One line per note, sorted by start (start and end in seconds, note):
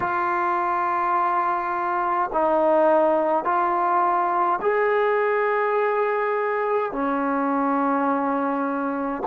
0.00 2.30 F4
2.32 3.44 D#4
3.44 4.59 F4
4.61 6.92 G#4
6.92 9.23 C#4